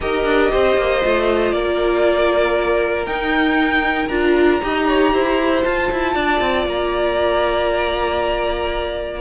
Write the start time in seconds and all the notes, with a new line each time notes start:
0.01 D#4 G4 A#4 D#5
0.25 D4
0.51 C4 C5
0.76 A#3
1.01 A3 F4
1.51 A#3 A#4 D5
3.06 D#4 G5
4.08 D4 F4 A#5
4.62 D#4 G4 D#5
4.87 C#5
5.12 E4 C5
5.63 F4 A5
5.91 E4
6.14 D4 D5
6.40 C4
6.65 A#3 A#5